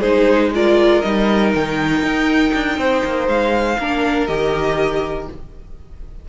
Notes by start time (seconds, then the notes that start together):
0.00 G#3 D#4 G#4 C5
0.54 F4 A#4 D5
1.01 G3 D#4 D#5
1.54 D#3 G5
2.02 D#4
2.53 D4
2.78 C4 C5
3.04 A#3
3.27 G#3 F5
3.79 A#3 D4 A#4
4.27 D#3 G4 D#5